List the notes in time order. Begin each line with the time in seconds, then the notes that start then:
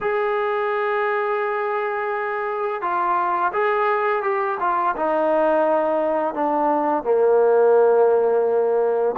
0.00 G#4
2.81 F4
3.52 G#4
4.22 G4
4.59 F4
4.95 D#4
6.34 D4
7.03 A#3